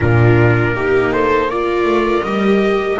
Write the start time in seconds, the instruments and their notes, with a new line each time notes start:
0.00 double bass A#2, viola D4 F4, trumpet A#4
0.75 double bass A#3, viola D#4 G4
1.12 viola A4, trumpet C5
1.49 viola F4 A#4, trumpet D5
1.83 double bass A3
2.22 double bass G3, viola G4, trumpet D#5